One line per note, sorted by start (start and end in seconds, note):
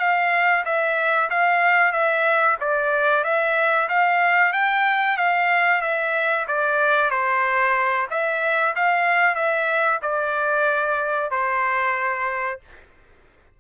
0.00 0.65 F5
0.66 1.30 E5
1.30 1.93 F5
1.93 2.57 E5
2.61 3.24 D5
3.24 3.89 E5
3.89 4.53 F5
4.53 5.17 G5
5.17 5.82 F5
5.82 6.46 E5
6.48 7.11 D5
7.11 8.08 C5
8.11 8.75 E5
8.76 9.35 F5
9.35 10.00 E5
10.03 11.31 D5
11.31 12.60 C5